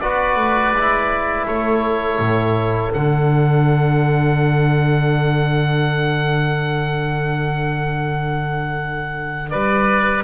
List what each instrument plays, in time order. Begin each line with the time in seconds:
0.00 double bass B3, trombone F#4, oboe B4 D5
0.36 double bass A3
0.73 double bass G#3, trombone E4
1.46 double bass A3, oboe A4 C#5
2.19 double bass A2
2.93 double bass D3, trombone D4, oboe F#5
9.50 double bass G3, oboe B4 D5